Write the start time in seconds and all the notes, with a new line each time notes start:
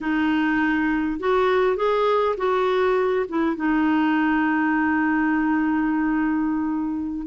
0.00 D#4
1.19 F#4
1.76 G#4
2.37 F#4
3.28 E4
3.56 D#4